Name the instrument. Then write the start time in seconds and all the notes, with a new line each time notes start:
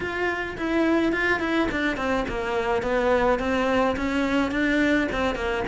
cello
0.00 F4
0.57 E4
1.12 F4
1.40 E4
1.71 D4
1.97 C4
2.28 A#3
2.82 B3
3.39 C4
3.96 C#4
4.51 D4
5.11 C4
5.35 A#3